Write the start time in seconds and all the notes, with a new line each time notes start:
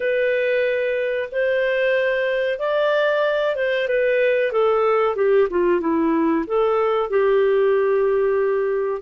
0.00 B4
1.31 C5
2.58 D5
3.55 C5
3.88 B4
4.52 A4
5.15 G4
5.50 F4
5.80 E4
6.46 A4
7.10 G4